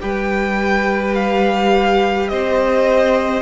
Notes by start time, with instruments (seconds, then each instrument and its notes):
0.00 cello G3, viola G4, violin B4 G5
1.15 violin F5
2.29 cello C4, violin C5 D#5